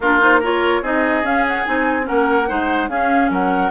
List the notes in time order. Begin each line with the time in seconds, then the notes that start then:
0.00 A#3 D4 F4 A#4
0.20 D#4 C5
0.39 F4 A#4 C#5
0.81 C4 D#4 G#4 D#5
1.23 C#4 F5
1.47 F#5
1.65 C4 D#4 G#5
2.02 C#4 A#4 F#5
2.10 A#3
2.48 G#3 D#4 C5
2.88 C#4 G#4 F5
3.29 F#3 A#4 F#5